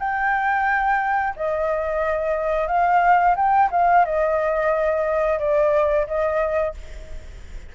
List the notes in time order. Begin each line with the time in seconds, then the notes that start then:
0.00 G5
1.37 D#5
2.68 F5
3.36 G5
3.72 F5
4.05 D#5
5.40 D5
6.07 D#5